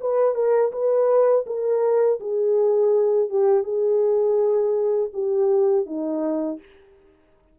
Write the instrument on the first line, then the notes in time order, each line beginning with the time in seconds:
horn
0.00 B4
0.35 A#4
0.72 B4
1.46 A#4
2.20 G#4
3.29 G4
3.63 G#4
5.13 G4
5.86 D#4